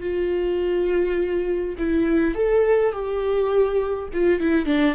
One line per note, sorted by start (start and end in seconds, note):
0.00 1.75 F4
1.78 2.35 E4
2.35 2.92 A4
2.92 4.09 G4
4.13 4.40 F4
4.40 4.65 E4
4.65 4.95 D4